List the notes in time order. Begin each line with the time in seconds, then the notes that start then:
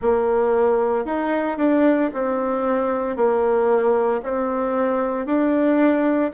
0.01 A#3
1.05 D#4
1.57 D4
2.13 C4
3.16 A#3
4.22 C4
5.25 D4